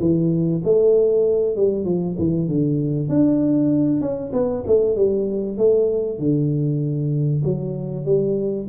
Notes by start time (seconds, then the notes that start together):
0.00 E3
0.64 A3
1.56 G3
1.85 F3
2.18 E3
2.48 D3
3.09 D4
4.01 C#4
4.33 B3
4.67 A3
4.96 G3
5.58 A3
6.19 D3
7.44 F#3
8.06 G3